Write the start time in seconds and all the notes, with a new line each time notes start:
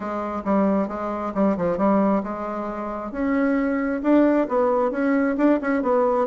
0.00 G#3
0.44 G3
0.88 G#3
1.34 G3
1.57 F3
1.77 G3
2.23 G#3
3.11 C#4
4.02 D4
4.48 B3
4.91 C#4
5.37 D4
5.61 C#4
5.82 B3